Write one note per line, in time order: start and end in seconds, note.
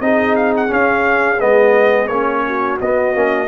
0.00 0.70 C4
0.00 0.68 D#4
0.00 2.46 G#4
0.00 0.35 D#5
0.36 0.53 F5
0.56 0.72 F#5
0.68 1.37 C#4
0.68 1.41 C#4
0.68 1.40 F5
1.40 2.09 G#3
1.40 2.09 B3
1.40 2.07 D#5
2.07 2.79 A#3
2.07 2.80 C#4
2.07 2.77 C#5
2.46 3.47 F#4
2.81 3.14 B3
2.81 3.15 B3
2.81 3.47 D#5
3.14 3.47 A#3
3.14 3.47 C#4